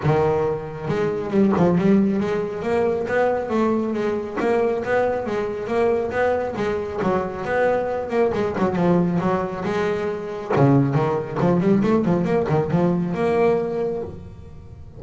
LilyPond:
\new Staff \with { instrumentName = "double bass" } { \time 4/4 \tempo 4 = 137 dis2 gis4 g8 f8 | g4 gis4 ais4 b4 | a4 gis4 ais4 b4 | gis4 ais4 b4 gis4 |
fis4 b4. ais8 gis8 fis8 | f4 fis4 gis2 | cis4 dis4 f8 g8 a8 f8 | ais8 dis8 f4 ais2 | }